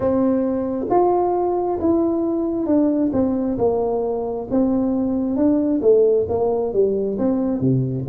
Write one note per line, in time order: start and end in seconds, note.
0.00 0.86 C4
0.90 1.79 F4
1.80 2.66 E4
2.66 3.11 D4
3.13 3.57 C4
3.58 4.47 A#3
4.50 5.36 C4
5.36 5.80 D4
5.81 6.26 A3
6.28 6.73 A#3
6.73 7.18 G3
7.18 7.60 C4
7.60 8.05 C3